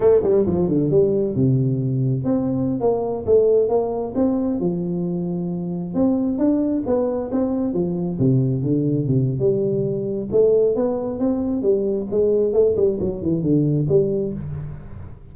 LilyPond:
\new Staff \with { instrumentName = "tuba" } { \time 4/4 \tempo 4 = 134 a8 g8 f8 d8 g4 c4~ | c4 c'4~ c'16 ais4 a8.~ | a16 ais4 c'4 f4.~ f16~ | f4~ f16 c'4 d'4 b8.~ |
b16 c'4 f4 c4 d8.~ | d16 c8. g2 a4 | b4 c'4 g4 gis4 | a8 g8 fis8 e8 d4 g4 | }